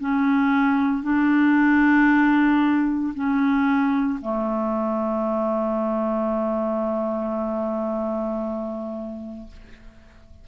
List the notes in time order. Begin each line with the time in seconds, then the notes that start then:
0.00 C#4
1.03 D4
3.14 C#4
4.22 A3